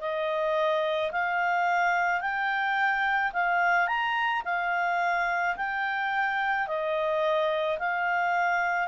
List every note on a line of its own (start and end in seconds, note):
0.00 1.11 D#5
1.12 2.21 F5
2.21 3.32 G5
3.33 3.87 F5
3.87 4.42 A#5
4.45 5.56 F5
5.56 6.67 G5
6.67 7.78 D#5
7.79 8.88 F5